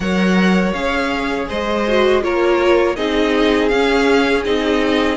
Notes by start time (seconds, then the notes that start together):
0.00 F#3 A#4 C#5 F#5
0.72 C#4 G#4 F5
1.48 G#3 C5 D#5
1.87 F#4
2.22 A#3 F4 A#4 C#5
2.96 C4 D#4 G#4 D#5
3.68 C#4 F5
4.44 C4 D#4 D#5